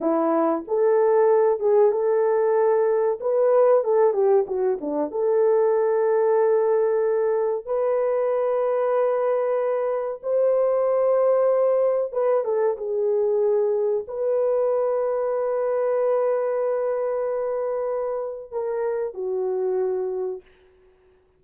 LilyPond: \new Staff \with { instrumentName = "horn" } { \time 4/4 \tempo 4 = 94 e'4 a'4. gis'8 a'4~ | a'4 b'4 a'8 g'8 fis'8 d'8 | a'1 | b'1 |
c''2. b'8 a'8 | gis'2 b'2~ | b'1~ | b'4 ais'4 fis'2 | }